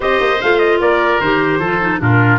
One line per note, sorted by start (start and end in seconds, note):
0.00 0.20 C4
0.00 0.37 G4
0.00 0.78 C5
0.00 0.41 D#5
0.20 0.40 A#3
0.41 0.80 A3
0.41 1.22 F4
0.41 0.59 F5
0.59 0.79 D#5
0.80 1.20 A#3
0.80 1.59 A#4
0.80 1.20 D5
1.20 1.59 D#3
1.20 1.62 G4
1.20 2.00 C5
1.59 1.99 F3
1.59 1.81 F4
1.59 1.99 A4
1.81 1.99 D#4
1.99 2.39 A#2
1.99 2.39 D4
1.99 2.39 F4
1.99 2.39 A#4